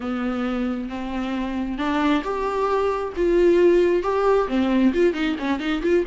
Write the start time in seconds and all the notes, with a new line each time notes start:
0.00 B3
0.89 C4
1.78 D4
2.23 G4
3.16 F4
4.02 G4
4.48 C4
4.93 F4
5.13 D#4
5.38 C#4
5.59 D#4
5.82 F4